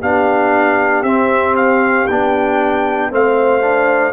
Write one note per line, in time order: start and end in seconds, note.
0.00 1.03 B3
0.00 1.05 D4
0.00 3.10 G4
0.00 1.03 F5
1.03 2.06 C4
1.03 2.08 C4
1.03 1.55 E5
1.56 2.07 F5
2.07 3.11 B3
2.07 3.11 D4
2.07 3.11 G5
3.11 4.13 A3
3.11 3.61 C4
3.11 4.13 C5
3.11 4.13 F5
3.61 4.13 D4